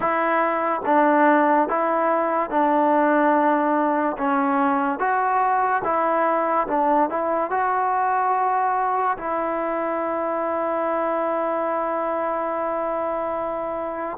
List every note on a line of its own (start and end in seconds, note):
0.00 0.81 E4
0.85 1.69 D4
1.69 2.50 E4
2.50 4.16 D4
4.17 4.98 C#4
4.98 5.82 F#4
5.83 6.67 E4
6.67 7.09 D4
7.09 7.50 E4
7.50 9.17 F#4
9.17 14.17 E4